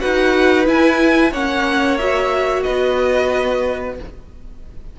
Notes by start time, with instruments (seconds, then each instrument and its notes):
0.00 cello D#4, viola F#4, violin B4 F#5
0.65 viola E4, cello E4, violin G#5
1.32 cello A#3, viola C#4, violin C#5 F#5
1.98 viola F#4, violin E5
2.62 cello B3, violin B4 D#5